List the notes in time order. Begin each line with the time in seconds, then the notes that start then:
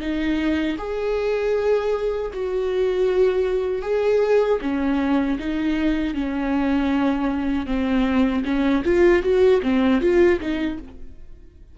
0.00 D#4
0.78 G#4
2.33 F#4
3.82 G#4
4.61 C#4
5.39 D#4
6.14 C#4
7.66 C4
8.44 C#4
8.85 F4
9.22 F#4
9.63 C4
10.01 F4
10.40 D#4